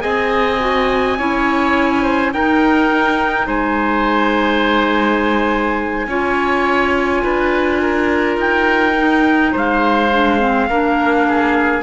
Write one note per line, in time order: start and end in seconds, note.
0.00 1.19 C4
0.00 0.58 G#4
0.00 1.17 D#5
0.00 2.32 G#5
0.59 1.17 F#4
1.18 2.34 C#4
1.18 2.32 E4
1.18 2.02 C#5
2.02 2.31 C5
2.32 6.07 D#4
2.32 3.47 D#4
2.32 3.46 A#4
2.32 3.48 G5
3.46 6.06 G#3
3.46 6.06 C5
3.46 8.38 G#5
6.07 7.22 C#4
6.07 8.94 F4
6.07 7.23 C#5
7.23 8.37 D4
7.23 7.81 B4
7.81 9.51 A#4
8.37 9.52 D#4
8.37 9.55 G5
8.94 10.09 D#4
9.51 10.69 G#3
9.51 10.67 C5
9.51 11.82 F5
10.12 10.39 D4
10.39 10.68 C4
10.69 11.82 A#3
10.69 11.82 D4
10.69 11.26 A#4
11.27 11.82 G#4